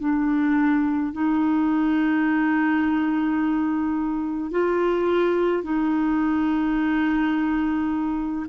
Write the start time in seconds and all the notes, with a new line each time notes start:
0.00 D4
1.13 D#4
4.51 F4
5.63 D#4